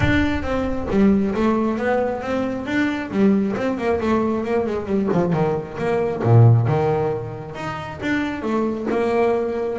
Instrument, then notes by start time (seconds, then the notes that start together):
double bass
0.00 D4
0.43 C4
0.90 G3
1.34 A3
1.77 B3
2.21 C4
2.65 D4
3.10 G3
3.56 C4
3.78 A#3
4.00 A3
4.44 A#3
4.66 G#3
4.86 G3
5.12 F3
5.33 D#3
5.78 A#3
6.23 A#2
6.67 D#3
7.55 D#4
8.01 D4
8.42 A3
8.90 A#3